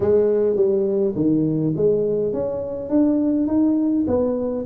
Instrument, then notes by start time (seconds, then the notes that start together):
tuba
0.00 G#3
0.56 G3
1.15 D#3
1.76 G#3
2.33 C#4
2.89 D4
3.47 D#4
4.07 B3